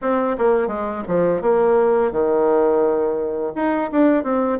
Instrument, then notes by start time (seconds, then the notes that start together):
bassoon
0.01 C4
0.38 A#3
0.67 G#3
1.07 F3
1.41 A#3
2.11 D#3
3.55 D#4
3.91 D4
4.23 C4